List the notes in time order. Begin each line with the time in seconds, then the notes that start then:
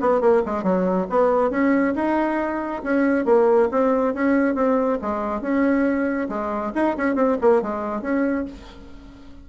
0.00 B3
0.20 A#3
0.45 G#3
0.63 F#3
1.09 B3
1.50 C#4
1.95 D#4
2.83 C#4
3.25 A#3
3.71 C4
4.14 C#4
4.55 C4
5.02 G#3
5.41 C#4
6.29 G#3
6.75 D#4
6.97 C#4
7.15 C4
7.41 A#3
7.62 G#3
8.01 C#4